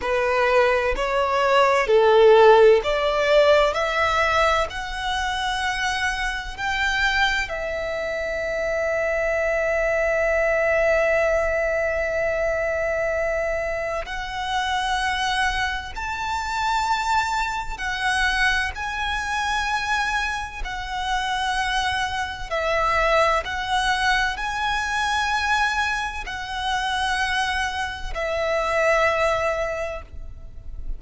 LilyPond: \new Staff \with { instrumentName = "violin" } { \time 4/4 \tempo 4 = 64 b'4 cis''4 a'4 d''4 | e''4 fis''2 g''4 | e''1~ | e''2. fis''4~ |
fis''4 a''2 fis''4 | gis''2 fis''2 | e''4 fis''4 gis''2 | fis''2 e''2 | }